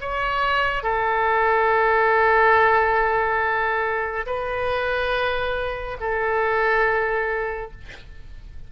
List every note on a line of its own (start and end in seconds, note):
0.00 0.83 C#5
0.83 4.25 A4
4.26 5.97 B4
6.00 7.71 A4